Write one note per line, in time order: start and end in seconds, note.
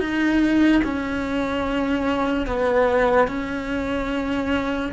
0.00 0.82 D#4
0.84 2.47 C#4
2.47 3.28 B3
3.28 4.92 C#4